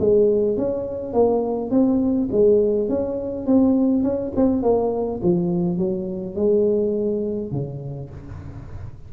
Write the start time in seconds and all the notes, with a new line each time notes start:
0.00 G#3
0.57 C#4
1.14 A#3
1.71 C4
2.32 G#3
2.89 C#4
3.46 C4
4.03 C#4
4.36 C4
4.63 A#3
5.23 F3
5.78 F#3
6.35 G#3
7.52 C#3